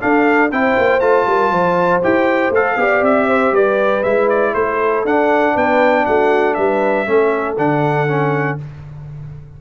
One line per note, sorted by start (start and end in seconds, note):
0.00 0.50 D4
0.00 0.52 D4
0.00 0.51 A4
0.00 0.51 F5
0.51 0.77 C4
0.51 1.01 E4
0.51 1.27 C5
0.51 1.00 G5
0.78 1.01 A#3
1.00 1.26 A3
1.00 2.02 F4
1.00 2.01 A5
1.27 1.51 G3
1.27 1.51 A#4
1.51 2.02 F3
1.51 2.77 C5
2.03 2.50 E4
2.03 2.53 G4
2.03 2.54 G5
2.50 2.75 A3
2.50 2.79 A4
2.50 3.05 F5
2.77 3.02 B3
2.77 4.05 G4
2.77 3.28 D5
3.02 3.52 C4
3.02 3.55 E5
3.28 3.53 C5
3.52 4.03 G3
3.52 4.54 B4
3.52 4.04 D5
4.04 4.55 G#3
4.04 5.06 E4
4.04 4.29 E5
4.30 4.55 D5
4.55 5.05 A3
4.55 5.55 A4
4.55 5.05 C5
5.05 5.56 D4
5.05 7.06 D4
5.05 5.57 F#5
5.55 6.06 B3
5.55 6.05 B4
5.55 6.06 G5
6.06 6.58 A3
6.06 6.57 F#4
6.06 6.54 F#5
6.54 7.08 G3
6.54 7.08 B4
6.54 7.55 E5
7.06 7.58 A3
7.06 7.57 C#4
7.06 8.61 A4
7.58 8.59 D3
7.58 8.08 D4
7.58 8.59 F#5
8.08 8.58 C#4